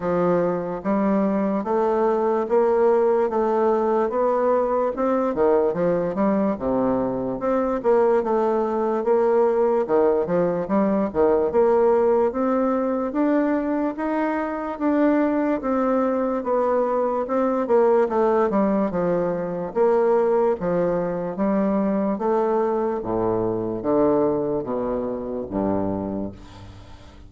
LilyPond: \new Staff \with { instrumentName = "bassoon" } { \time 4/4 \tempo 4 = 73 f4 g4 a4 ais4 | a4 b4 c'8 dis8 f8 g8 | c4 c'8 ais8 a4 ais4 | dis8 f8 g8 dis8 ais4 c'4 |
d'4 dis'4 d'4 c'4 | b4 c'8 ais8 a8 g8 f4 | ais4 f4 g4 a4 | a,4 d4 b,4 g,4 | }